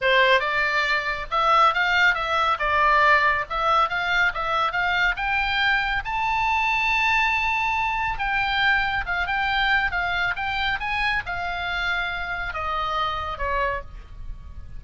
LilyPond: \new Staff \with { instrumentName = "oboe" } { \time 4/4 \tempo 4 = 139 c''4 d''2 e''4 | f''4 e''4 d''2 | e''4 f''4 e''4 f''4 | g''2 a''2~ |
a''2. g''4~ | g''4 f''8 g''4. f''4 | g''4 gis''4 f''2~ | f''4 dis''2 cis''4 | }